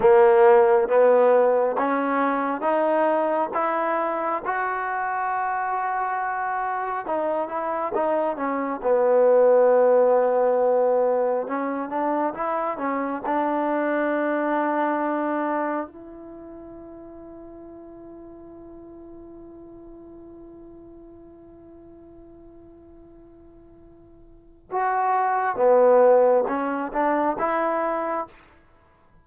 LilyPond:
\new Staff \with { instrumentName = "trombone" } { \time 4/4 \tempo 4 = 68 ais4 b4 cis'4 dis'4 | e'4 fis'2. | dis'8 e'8 dis'8 cis'8 b2~ | b4 cis'8 d'8 e'8 cis'8 d'4~ |
d'2 e'2~ | e'1~ | e'1 | fis'4 b4 cis'8 d'8 e'4 | }